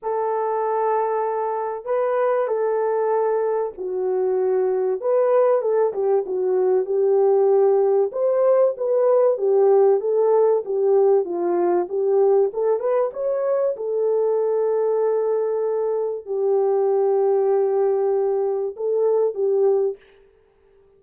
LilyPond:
\new Staff \with { instrumentName = "horn" } { \time 4/4 \tempo 4 = 96 a'2. b'4 | a'2 fis'2 | b'4 a'8 g'8 fis'4 g'4~ | g'4 c''4 b'4 g'4 |
a'4 g'4 f'4 g'4 | a'8 b'8 cis''4 a'2~ | a'2 g'2~ | g'2 a'4 g'4 | }